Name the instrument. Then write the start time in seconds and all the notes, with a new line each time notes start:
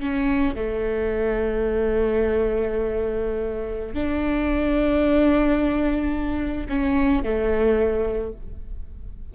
viola
0.00 C#4
0.55 A3
3.94 D4
6.69 C#4
7.24 A3